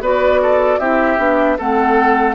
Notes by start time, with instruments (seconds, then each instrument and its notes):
0.00 bassoon B3, clarinet F#4, oboe B4, flute D5
0.42 oboe A4
0.79 bassoon C4, clarinet E4, oboe G4, flute E5
1.18 bassoon B3, clarinet D4
1.58 bassoon A3, clarinet C4, oboe A4, flute F#5